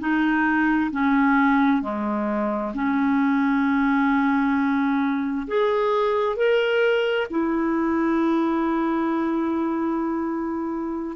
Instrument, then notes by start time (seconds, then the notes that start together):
clarinet
0.00 D#4
0.92 C#4
1.83 G#3
2.75 C#4
5.48 G#4
6.37 A#4
7.30 E4